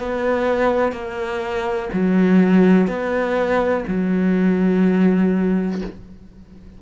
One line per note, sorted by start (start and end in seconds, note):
0.00 0.93 B3
0.93 1.90 A#3
1.94 2.88 F#3
2.88 3.84 B3
3.88 5.82 F#3